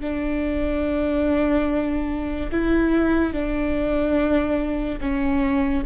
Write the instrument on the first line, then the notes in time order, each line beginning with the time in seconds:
viola
0.00 D4
2.51 E4
3.33 D4
5.00 C#4